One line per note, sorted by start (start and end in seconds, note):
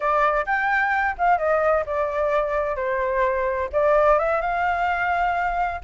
0.00 0.45 D5
0.46 1.15 G5
1.18 1.38 F5
1.38 1.84 D#5
1.86 2.76 D5
2.76 3.69 C5
3.72 4.18 D5
4.18 4.41 E5
4.41 5.80 F5